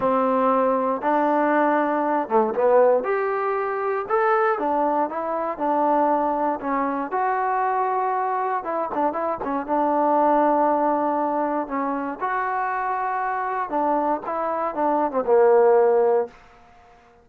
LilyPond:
\new Staff \with { instrumentName = "trombone" } { \time 4/4 \tempo 4 = 118 c'2 d'2~ | d'8 a8 b4 g'2 | a'4 d'4 e'4 d'4~ | d'4 cis'4 fis'2~ |
fis'4 e'8 d'8 e'8 cis'8 d'4~ | d'2. cis'4 | fis'2. d'4 | e'4 d'8. c'16 ais2 | }